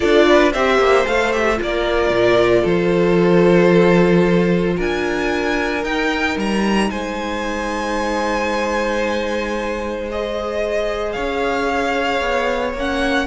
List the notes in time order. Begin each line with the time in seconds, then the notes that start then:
0.00 D4 F4 A4 D5
0.29 B4
0.52 C4 G4 C5 E5
0.78 A#3
1.06 A3 A4 F5
1.32 G4 E5
1.56 A#3 F4
1.62 A#4 D5
2.10 A#2
2.61 F3 A4 C5
4.76 D4 A#4 G#5
5.83 D#4 G5
6.37 G3 A#5
6.90 G#3 C5 G#5
10.10 G#4 D#5
11.12 C#4 C#5 F5
12.20 B3
12.73 A#3 C#4 F#5